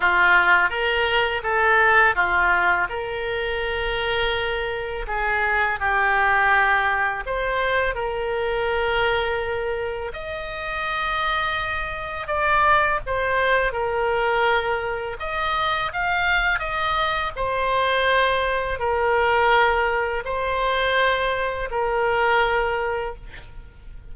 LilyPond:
\new Staff \with { instrumentName = "oboe" } { \time 4/4 \tempo 4 = 83 f'4 ais'4 a'4 f'4 | ais'2. gis'4 | g'2 c''4 ais'4~ | ais'2 dis''2~ |
dis''4 d''4 c''4 ais'4~ | ais'4 dis''4 f''4 dis''4 | c''2 ais'2 | c''2 ais'2 | }